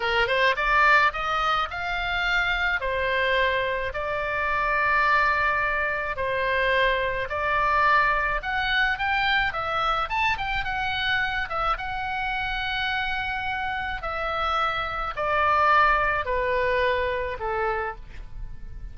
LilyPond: \new Staff \with { instrumentName = "oboe" } { \time 4/4 \tempo 4 = 107 ais'8 c''8 d''4 dis''4 f''4~ | f''4 c''2 d''4~ | d''2. c''4~ | c''4 d''2 fis''4 |
g''4 e''4 a''8 g''8 fis''4~ | fis''8 e''8 fis''2.~ | fis''4 e''2 d''4~ | d''4 b'2 a'4 | }